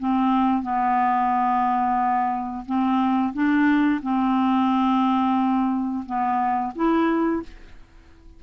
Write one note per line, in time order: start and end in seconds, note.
0.00 0.63 C4
0.63 2.65 B3
2.66 3.33 C4
3.34 4.01 D4
4.03 6.05 C4
6.06 6.74 B3
6.76 7.43 E4